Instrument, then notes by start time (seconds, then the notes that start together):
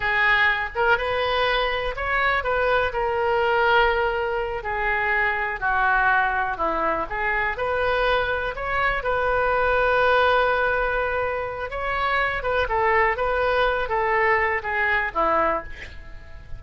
oboe
0.00 G#4
0.75 A#4
0.97 B4
1.96 C#5
2.43 B4
2.93 A#4
4.63 G#4
5.60 F#4
6.57 E4
7.09 G#4
7.57 B4
8.55 C#5
9.03 B4
11.70 C#5
12.42 B4
12.69 A4
13.16 B4
13.88 A4
14.62 G#4
15.14 E4